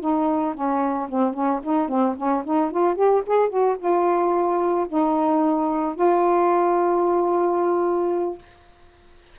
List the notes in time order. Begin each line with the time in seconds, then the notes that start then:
0.00 D#4
0.54 C#4
1.08 C4
1.33 C#4
1.63 D#4
1.88 C4
2.16 C#4
2.44 D#4
2.71 F4
2.95 G4
3.26 G#4
3.49 F#4
3.78 F4
4.88 D#4
5.95 F4